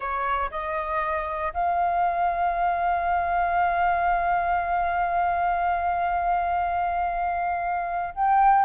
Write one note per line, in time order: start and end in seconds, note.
0.00 0.49 C#5
0.51 1.52 D#5
1.53 8.14 F5
8.14 8.65 G5